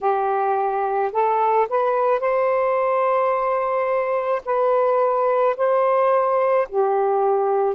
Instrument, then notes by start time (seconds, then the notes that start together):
saxophone
0.00 G4
1.12 A4
1.69 B4
2.19 C5
4.44 B4
5.56 C5
6.68 G4